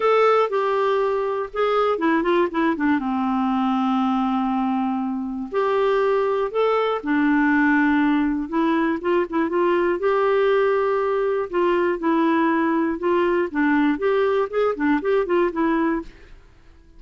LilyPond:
\new Staff \with { instrumentName = "clarinet" } { \time 4/4 \tempo 4 = 120 a'4 g'2 gis'4 | e'8 f'8 e'8 d'8 c'2~ | c'2. g'4~ | g'4 a'4 d'2~ |
d'4 e'4 f'8 e'8 f'4 | g'2. f'4 | e'2 f'4 d'4 | g'4 gis'8 d'8 g'8 f'8 e'4 | }